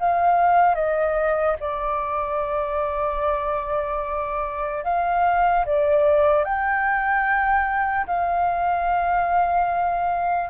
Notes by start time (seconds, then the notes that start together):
0.00 F5
0.75 D#5
1.60 D5
4.85 F5
5.66 D5
6.45 G5
8.07 F5